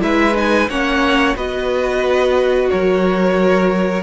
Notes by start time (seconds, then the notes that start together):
0.00 G#3 E4 B4 E5
0.35 D#4 G#5
0.69 A#3 C#4 C#5 F#5
1.36 B3 F#4 B4 D#5
2.70 F#3 A#4 C#5